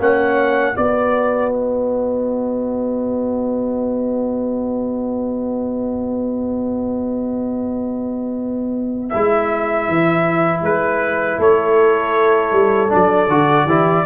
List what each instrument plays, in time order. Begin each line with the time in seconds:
0.00 tuba A#3, trombone C#4, horn C#5, trumpet F#5
0.75 tuba B3, trombone F#4, horn B4, trumpet D5
1.53 trumpet D#5
9.09 tuba G#3, trombone E4, trumpet E5
9.88 tuba E3
10.62 tuba G#3, trumpet B4
11.38 tuba A3, horn A4, trumpet C#5
12.52 tuba G3
12.89 tuba F#3, trombone D4, trumpet D5
13.28 tuba D3, trombone F#4
13.66 tuba E3, trombone E4, horn G4